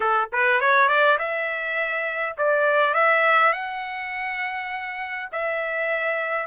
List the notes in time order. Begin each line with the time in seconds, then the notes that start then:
0.00 A4
0.32 B4
0.60 C#5
0.88 D5
1.18 E5
2.37 D5
2.94 E5
3.52 F#5
5.32 E5